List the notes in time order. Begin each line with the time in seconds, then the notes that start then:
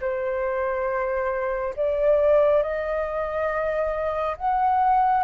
0.00 C5
1.76 D5
2.62 D#5
4.36 F#5